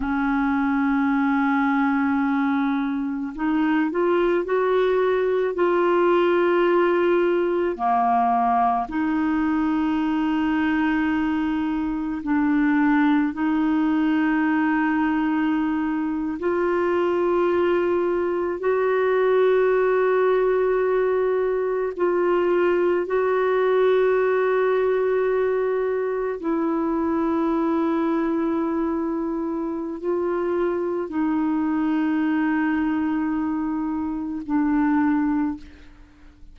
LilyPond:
\new Staff \with { instrumentName = "clarinet" } { \time 4/4 \tempo 4 = 54 cis'2. dis'8 f'8 | fis'4 f'2 ais4 | dis'2. d'4 | dis'2~ dis'8. f'4~ f'16~ |
f'8. fis'2. f'16~ | f'8. fis'2. e'16~ | e'2. f'4 | dis'2. d'4 | }